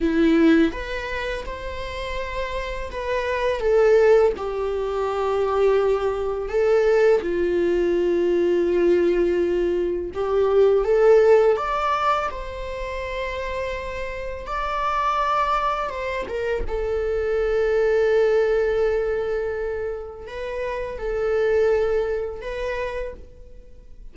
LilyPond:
\new Staff \with { instrumentName = "viola" } { \time 4/4 \tempo 4 = 83 e'4 b'4 c''2 | b'4 a'4 g'2~ | g'4 a'4 f'2~ | f'2 g'4 a'4 |
d''4 c''2. | d''2 c''8 ais'8 a'4~ | a'1 | b'4 a'2 b'4 | }